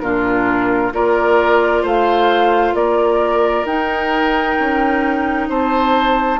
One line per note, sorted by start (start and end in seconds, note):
0.00 0.92 A#2
0.00 0.93 D4
0.00 0.93 F4
0.00 0.91 A#4
0.92 1.83 A#3
0.92 3.65 F4
0.92 1.82 A#4
0.92 1.85 D5
1.82 2.73 A3
1.82 2.73 C5
1.82 2.74 F5
2.73 3.64 A#3
2.73 5.48 A#4
2.73 3.65 D5
3.64 4.55 D#4
3.64 6.39 D#4
3.64 5.48 G5
4.59 5.49 C#4
5.48 6.39 C4
5.48 6.39 C5
5.48 6.39 A5